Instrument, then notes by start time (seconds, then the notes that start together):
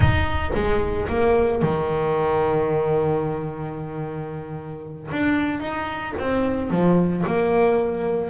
double bass
0.00 D#4
0.54 G#3
1.08 A#3
1.61 D#3
5.11 D4
5.60 D#4
6.18 C4
6.70 F3
7.26 A#3